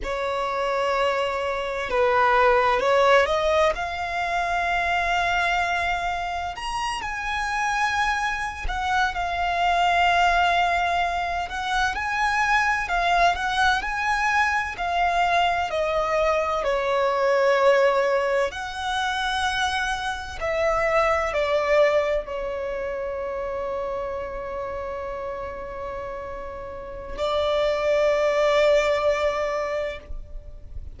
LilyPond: \new Staff \with { instrumentName = "violin" } { \time 4/4 \tempo 4 = 64 cis''2 b'4 cis''8 dis''8 | f''2. ais''8 gis''8~ | gis''4~ gis''16 fis''8 f''2~ f''16~ | f''16 fis''8 gis''4 f''8 fis''8 gis''4 f''16~ |
f''8. dis''4 cis''2 fis''16~ | fis''4.~ fis''16 e''4 d''4 cis''16~ | cis''1~ | cis''4 d''2. | }